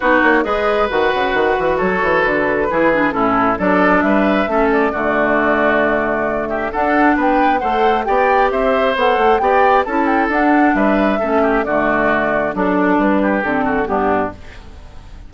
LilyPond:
<<
  \new Staff \with { instrumentName = "flute" } { \time 4/4 \tempo 4 = 134 b'8 cis''8 dis''4 fis''2 | cis''4 b'2 a'4 | d''4 e''4. d''4.~ | d''2~ d''8 e''8 fis''4 |
g''4 fis''4 g''4 e''4 | fis''4 g''4 a''8 g''8 fis''4 | e''2 d''2 | a'4 b'4 a'4 g'4 | }
  \new Staff \with { instrumentName = "oboe" } { \time 4/4 fis'4 b'2. | a'2 gis'4 e'4 | a'4 b'4 a'4 fis'4~ | fis'2~ fis'8 g'8 a'4 |
b'4 c''4 d''4 c''4~ | c''4 d''4 a'2 | b'4 a'8 g'8 fis'2 | d'4. g'4 fis'8 d'4 | }
  \new Staff \with { instrumentName = "clarinet" } { \time 4/4 dis'4 gis'4 fis'2~ | fis'2 e'8 d'8 cis'4 | d'2 cis'4 a4~ | a2. d'4~ |
d'4 a'4 g'2 | a'4 g'4 e'4 d'4~ | d'4 cis'4 a2 | d'2 c'4 b4 | }
  \new Staff \with { instrumentName = "bassoon" } { \time 4/4 b8 ais8 gis4 dis8 cis8 dis8 e8 | fis8 e8 d4 e4 a,4 | fis4 g4 a4 d4~ | d2. d'4 |
b4 a4 b4 c'4 | b8 a8 b4 cis'4 d'4 | g4 a4 d2 | fis4 g4 d4 g,4 | }
>>